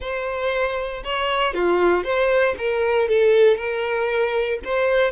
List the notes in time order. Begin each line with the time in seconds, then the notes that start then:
0.00 C5
1.03 C#5
1.54 F4
2.04 C5
2.58 A#4
3.08 A4
3.56 A#4
4.64 C5